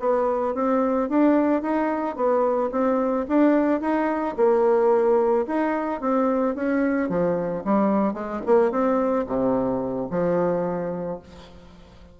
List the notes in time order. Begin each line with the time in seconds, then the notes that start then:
0.00 B3
0.55 C4
1.09 D4
1.62 D#4
2.16 B3
2.72 C4
3.29 D4
3.81 D#4
4.37 A#3
5.47 D#4
6.01 C4
6.56 C#4
7.10 F3
7.65 G3
8.14 G#3
8.46 A#3
8.71 C4
9.27 C3
10.11 F3